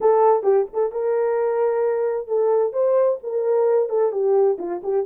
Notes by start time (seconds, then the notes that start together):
0.00 A4
0.43 G4
0.73 A4
0.92 A#4
2.27 A4
2.73 C5
3.23 A#4
3.89 A4
4.11 G4
4.58 F4
4.83 G4